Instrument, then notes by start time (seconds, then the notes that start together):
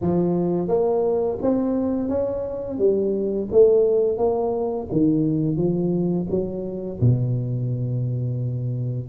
tuba
0.01 F3
0.68 A#3
1.41 C4
2.08 C#4
2.78 G3
3.51 A3
4.17 A#3
4.91 D#3
5.57 F3
6.29 F#3
7.00 B2